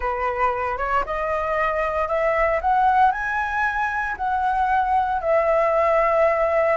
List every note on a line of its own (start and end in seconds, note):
0.00 0.77 B4
0.77 1.03 C#5
1.05 2.08 D#5
2.08 2.60 E5
2.61 3.11 F#5
3.11 4.15 G#5
4.16 5.21 F#5
5.21 6.77 E5